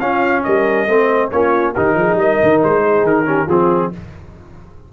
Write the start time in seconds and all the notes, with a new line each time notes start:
0.00 C#4 F4 F5
0.44 G3 A#4 D#5
0.87 A3 C4 C5
1.31 A#3 C#4 F4 C#5
1.74 D#3 D#4 G4 A#4
1.95 F3 G#4
2.15 G3 A#4 D#5
2.43 D#3
2.63 G#3 C5
2.83 G#4
3.03 D#3 A#4
3.26 C#4 G4
3.46 F3 C4 F4 G#4